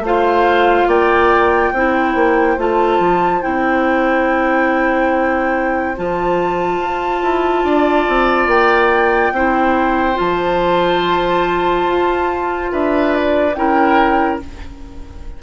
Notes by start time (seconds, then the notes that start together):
0.00 A3 F4 C5 F5
0.87 A#3 D5 G5
1.73 C4 E4 C5
2.15 A#3
2.58 A3 F4 A5
2.99 F3
3.42 C4 E4 G5
5.96 F3 F4 A5
6.80 F4
7.22 E4
7.64 D4 D5
8.09 C4
8.47 A#3 G5
9.32 C4 E4 C5
10.14 F3 F4 A5
11.87 F4
12.71 D4 B4 E5
13.15 D5
13.55 C#4 E4 A#4 G5